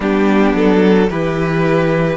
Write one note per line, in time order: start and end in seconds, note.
0.00 0.53 G3
0.00 1.07 B3
0.00 1.08 D4
0.00 0.55 G4
0.54 1.09 F#3
0.54 1.10 A4
1.09 2.16 E3
1.09 2.16 E4
1.09 2.16 G4
1.09 2.16 B4